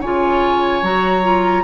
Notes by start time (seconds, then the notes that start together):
0.00 C#3 F4 C#5 G#5
0.82 F#3 F#4 A#5
1.22 F4